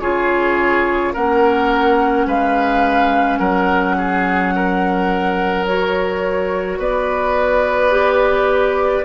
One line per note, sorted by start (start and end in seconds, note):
0.00 1.13 C#3
0.00 1.14 F4
0.00 1.13 G#4
0.00 1.13 C#5
1.13 2.26 A#3
1.13 5.66 C#4
1.13 2.26 A#4
1.13 2.28 F#5
2.26 3.39 G#3
2.26 3.39 B4
2.26 3.38 F5
3.38 6.78 F#3
3.38 3.96 A#4
3.38 5.64 F#5
3.97 4.54 G#4
4.55 6.79 A#4
5.66 7.91 F#4
5.66 6.79 C#5
6.78 9.04 B3
6.78 9.05 B4
6.78 9.05 D5
7.91 9.04 G4